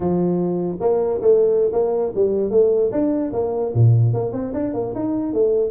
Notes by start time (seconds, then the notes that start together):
0.00 F3
0.80 A#3
1.21 A3
1.72 A#3
2.15 G3
2.50 A3
2.91 D4
3.32 A#3
3.74 A#2
4.13 A#3
4.32 C4
4.53 D4
4.73 A#3
4.94 D#4
5.33 A3